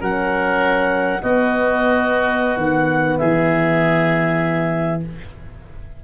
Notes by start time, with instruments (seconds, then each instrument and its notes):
0.00 tuba F#3, horn C#4, oboe A#4, clarinet F#5
1.22 horn B3, tuba B3, oboe F#4, clarinet D#5
2.57 tuba D#3, clarinet F#5
3.18 tuba E3, oboe G#4, clarinet E5